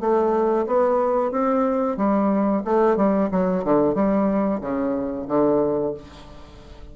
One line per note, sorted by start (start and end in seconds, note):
0.00 0.66 A3
0.67 1.31 B3
1.31 1.97 C4
1.97 2.63 G3
2.64 2.96 A3
2.96 3.29 G3
3.31 3.64 F#3
3.64 3.94 D3
3.94 4.60 G3
4.61 5.27 C#3
5.28 5.94 D3